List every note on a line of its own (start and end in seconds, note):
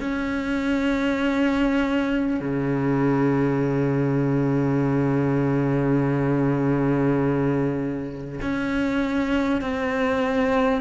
0.00 2.40 C#4
2.41 8.41 C#3
8.42 9.61 C#4
9.61 10.81 C4